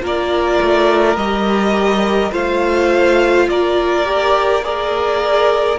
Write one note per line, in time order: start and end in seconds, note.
0.00 0.59 A#3
0.00 1.15 F4
0.00 2.31 A#4
0.06 1.16 D5
0.62 1.16 A3
1.16 2.31 G3
1.16 2.31 G4
1.16 2.31 D#5
2.31 3.47 A3
2.31 4.05 F4
2.31 3.47 C5
2.31 3.49 F5
3.49 5.79 A#3
3.49 4.64 A#4
3.49 4.64 D5
4.05 4.62 G4
4.63 5.78 G#4
4.63 5.79 A#4
4.63 5.79 D5